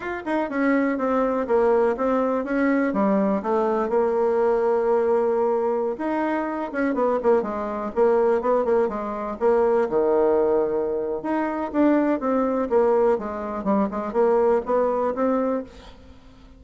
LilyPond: \new Staff \with { instrumentName = "bassoon" } { \time 4/4 \tempo 4 = 123 f'8 dis'8 cis'4 c'4 ais4 | c'4 cis'4 g4 a4 | ais1~ | ais16 dis'4. cis'8 b8 ais8 gis8.~ |
gis16 ais4 b8 ais8 gis4 ais8.~ | ais16 dis2~ dis8. dis'4 | d'4 c'4 ais4 gis4 | g8 gis8 ais4 b4 c'4 | }